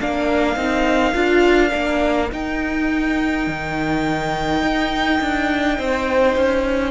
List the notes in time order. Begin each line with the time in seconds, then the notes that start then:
0.00 A#3 D4 A#4 F5
0.56 C4 D#4
1.14 D4 F4
1.69 A#3 D4
2.31 D#4 G5
3.47 D#3
4.62 D#4
5.21 D4
5.78 C4 C5
6.36 C#4